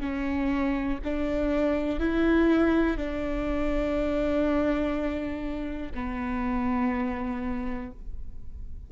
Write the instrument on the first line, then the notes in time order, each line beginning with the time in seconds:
viola
0.00 C#4
1.04 D4
1.99 E4
2.97 D4
5.94 B3